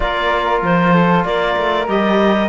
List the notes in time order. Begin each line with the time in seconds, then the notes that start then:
0.00 A#3 F4 A#4 D5
0.62 F3 C5
0.93 A4
1.24 A#3 A#4 D5
1.57 A3
1.87 G3 G4 D#5